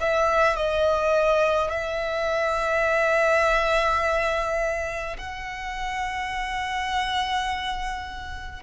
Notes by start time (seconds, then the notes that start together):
0.00 E5
0.56 D#5
1.70 E5
5.18 F#5